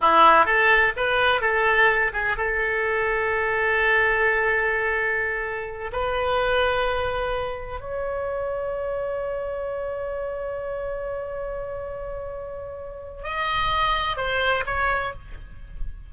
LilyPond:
\new Staff \with { instrumentName = "oboe" } { \time 4/4 \tempo 4 = 127 e'4 a'4 b'4 a'4~ | a'8 gis'8 a'2.~ | a'1~ | a'8 b'2.~ b'8~ |
b'8 cis''2.~ cis''8~ | cis''1~ | cis''1 | dis''2 c''4 cis''4 | }